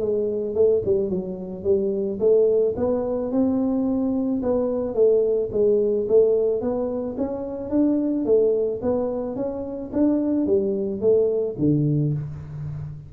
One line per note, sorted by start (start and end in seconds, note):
0.00 0.55 G#3
0.55 0.83 A3
0.85 1.10 G3
1.10 1.64 F#3
1.64 2.19 G3
2.20 2.75 A3
2.76 3.32 B3
3.32 4.42 C4
4.42 4.95 B3
4.95 5.50 A3
5.52 6.07 G#3
6.09 6.61 A3
6.61 7.16 B3
7.18 7.70 C#4
7.70 8.25 D4
8.25 8.80 A3
8.82 9.36 B3
9.36 9.91 C#4
9.93 10.46 D4
10.46 11.01 G3
11.01 11.56 A3
11.58 12.14 D3